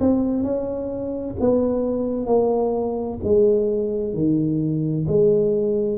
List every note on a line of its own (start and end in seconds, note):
0.00 0.43 C4
0.43 1.35 C#4
1.40 2.27 B3
2.27 3.19 A#3
3.24 4.14 G#3
4.14 5.06 D#3
5.08 5.98 G#3